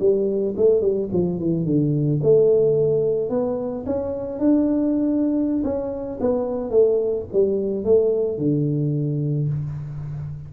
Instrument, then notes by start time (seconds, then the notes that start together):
tuba
0.00 G3
0.57 A3
0.81 G3
1.13 F3
1.39 E3
1.66 D3
2.23 A3
3.30 B3
3.86 C#4
4.40 D4
5.64 C#4
6.21 B3
6.71 A3
7.33 G3
7.85 A3
8.38 D3